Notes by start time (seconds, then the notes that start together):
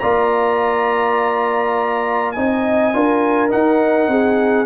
0.00 A#3 F4 D5 A#5
2.32 C4 D#4 D#5 G#5
2.93 D4 F4 A#4
3.49 D#4 F#5
4.08 C4 G#4